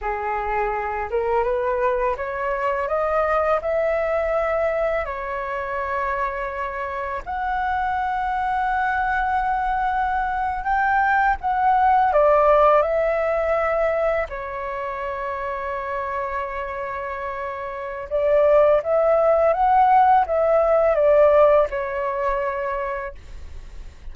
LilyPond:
\new Staff \with { instrumentName = "flute" } { \time 4/4 \tempo 4 = 83 gis'4. ais'8 b'4 cis''4 | dis''4 e''2 cis''4~ | cis''2 fis''2~ | fis''2~ fis''8. g''4 fis''16~ |
fis''8. d''4 e''2 cis''16~ | cis''1~ | cis''4 d''4 e''4 fis''4 | e''4 d''4 cis''2 | }